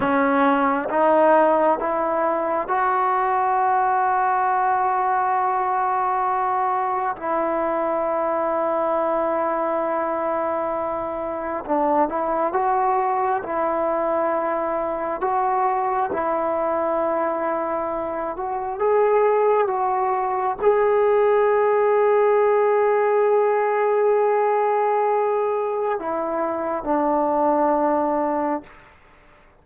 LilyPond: \new Staff \with { instrumentName = "trombone" } { \time 4/4 \tempo 4 = 67 cis'4 dis'4 e'4 fis'4~ | fis'1 | e'1~ | e'4 d'8 e'8 fis'4 e'4~ |
e'4 fis'4 e'2~ | e'8 fis'8 gis'4 fis'4 gis'4~ | gis'1~ | gis'4 e'4 d'2 | }